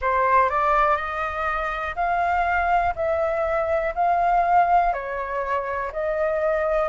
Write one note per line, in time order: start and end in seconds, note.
0.01 0.49 C5
0.49 0.96 D5
0.96 1.94 D#5
1.95 2.93 F5
2.95 3.93 E5
3.94 4.93 F5
4.93 5.91 C#5
5.92 6.89 D#5